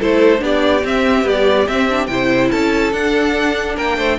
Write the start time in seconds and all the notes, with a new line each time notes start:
0.00 A3 E4 A4 C5
0.39 B3 D4 G4 D5
0.84 C4 E5
1.24 G3 B3 D5
1.68 C4 E5
1.90 D4
2.07 C3 E4 C5 G5
2.52 C#4 A4 A5
2.93 D4 F#5
3.76 A#3 A#4 G5
3.98 A3 C5